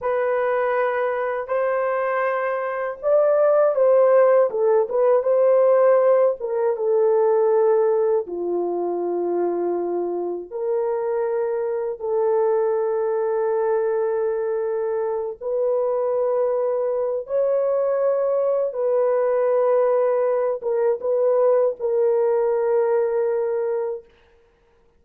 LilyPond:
\new Staff \with { instrumentName = "horn" } { \time 4/4 \tempo 4 = 80 b'2 c''2 | d''4 c''4 a'8 b'8 c''4~ | c''8 ais'8 a'2 f'4~ | f'2 ais'2 |
a'1~ | a'8 b'2~ b'8 cis''4~ | cis''4 b'2~ b'8 ais'8 | b'4 ais'2. | }